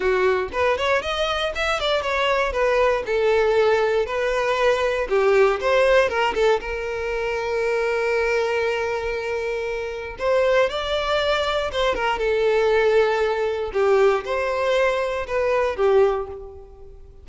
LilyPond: \new Staff \with { instrumentName = "violin" } { \time 4/4 \tempo 4 = 118 fis'4 b'8 cis''8 dis''4 e''8 d''8 | cis''4 b'4 a'2 | b'2 g'4 c''4 | ais'8 a'8 ais'2.~ |
ais'1 | c''4 d''2 c''8 ais'8 | a'2. g'4 | c''2 b'4 g'4 | }